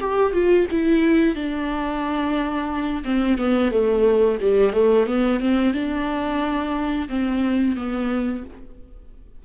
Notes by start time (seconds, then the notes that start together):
0.00 G4
0.32 F4
0.71 E4
1.35 D4
3.04 C4
3.38 B3
3.71 A3
4.41 G3
4.73 A3
5.06 B3
5.40 C4
5.74 D4
7.09 C4
7.76 B3